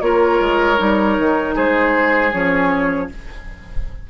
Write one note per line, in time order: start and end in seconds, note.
0.00 0.39 A#3
0.00 0.76 F4
0.00 1.54 A#4
0.00 1.54 C#5
0.39 0.78 G#3
0.76 1.17 G3
0.76 2.30 D#4
1.18 1.56 D#3
1.54 2.32 G#3
1.54 3.08 G#4
1.54 2.32 C5
2.32 3.09 F3
2.32 3.09 C#4
2.32 3.09 C#5